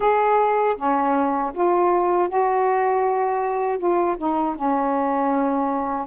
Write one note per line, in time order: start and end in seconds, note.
0.00 0.76 G#4
0.76 1.52 C#4
1.54 2.29 F4
2.29 3.78 F#4
3.78 4.16 F4
4.17 4.55 D#4
4.55 6.06 C#4